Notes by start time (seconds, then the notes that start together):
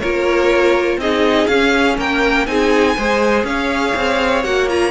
0.00 A#3 F4 A#4 C#5
0.97 C4 D#4 G#4 D#5
1.47 C#4 F5
1.97 A#3 A#4 G5
2.46 C4 D#4 G#4 G#5
2.97 G#3 G#4 C5
3.43 C#4 C#5 F5
3.95 C4
4.44 A#3 F#4 F#5
4.69 F4 A#5